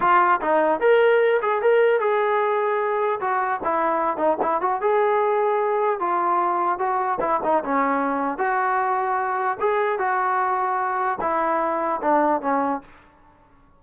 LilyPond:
\new Staff \with { instrumentName = "trombone" } { \time 4/4 \tempo 4 = 150 f'4 dis'4 ais'4. gis'8 | ais'4 gis'2. | fis'4 e'4. dis'8 e'8 fis'8 | gis'2. f'4~ |
f'4 fis'4 e'8 dis'8 cis'4~ | cis'4 fis'2. | gis'4 fis'2. | e'2 d'4 cis'4 | }